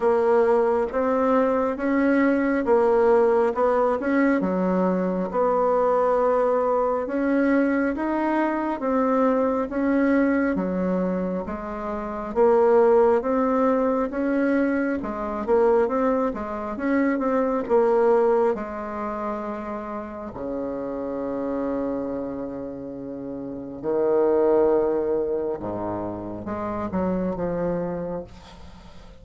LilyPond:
\new Staff \with { instrumentName = "bassoon" } { \time 4/4 \tempo 4 = 68 ais4 c'4 cis'4 ais4 | b8 cis'8 fis4 b2 | cis'4 dis'4 c'4 cis'4 | fis4 gis4 ais4 c'4 |
cis'4 gis8 ais8 c'8 gis8 cis'8 c'8 | ais4 gis2 cis4~ | cis2. dis4~ | dis4 gis,4 gis8 fis8 f4 | }